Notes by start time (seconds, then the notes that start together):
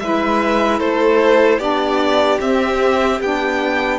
0.00 G#3 E4 B4 E5
0.80 A3 A4 C5
1.58 B3 D4 G4 D5
2.39 C4 E5
3.21 B3 D4 G5